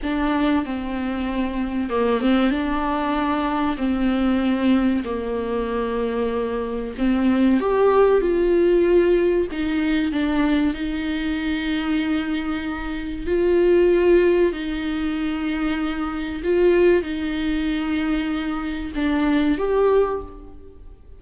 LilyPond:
\new Staff \with { instrumentName = "viola" } { \time 4/4 \tempo 4 = 95 d'4 c'2 ais8 c'8 | d'2 c'2 | ais2. c'4 | g'4 f'2 dis'4 |
d'4 dis'2.~ | dis'4 f'2 dis'4~ | dis'2 f'4 dis'4~ | dis'2 d'4 g'4 | }